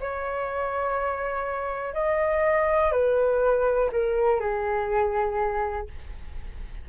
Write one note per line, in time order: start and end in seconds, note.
0.00 1.94 C#5
1.94 2.92 D#5
2.92 3.90 B4
3.92 4.39 A#4
4.39 5.87 G#4